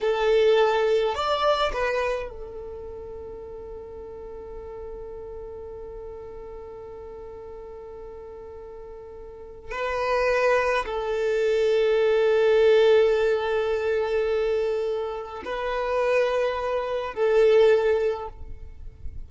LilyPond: \new Staff \with { instrumentName = "violin" } { \time 4/4 \tempo 4 = 105 a'2 d''4 b'4 | a'1~ | a'1~ | a'1~ |
a'4 b'2 a'4~ | a'1~ | a'2. b'4~ | b'2 a'2 | }